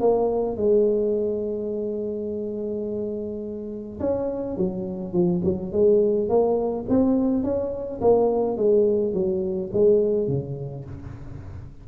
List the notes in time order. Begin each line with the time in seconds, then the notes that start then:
0.00 A#3
0.56 G#3
3.99 C#4
4.57 F#3
5.13 F3
5.44 F#3
5.72 G#3
6.29 A#3
6.89 C4
7.43 C#4
8.01 A#3
8.57 G#3
9.13 F#3
9.73 G#3
10.28 C#3